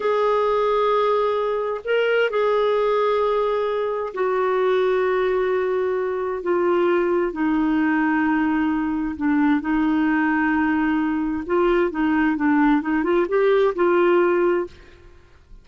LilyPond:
\new Staff \with { instrumentName = "clarinet" } { \time 4/4 \tempo 4 = 131 gis'1 | ais'4 gis'2.~ | gis'4 fis'2.~ | fis'2 f'2 |
dis'1 | d'4 dis'2.~ | dis'4 f'4 dis'4 d'4 | dis'8 f'8 g'4 f'2 | }